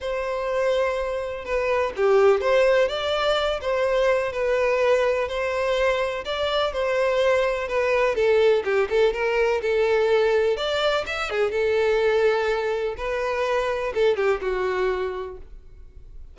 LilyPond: \new Staff \with { instrumentName = "violin" } { \time 4/4 \tempo 4 = 125 c''2. b'4 | g'4 c''4 d''4. c''8~ | c''4 b'2 c''4~ | c''4 d''4 c''2 |
b'4 a'4 g'8 a'8 ais'4 | a'2 d''4 e''8 gis'8 | a'2. b'4~ | b'4 a'8 g'8 fis'2 | }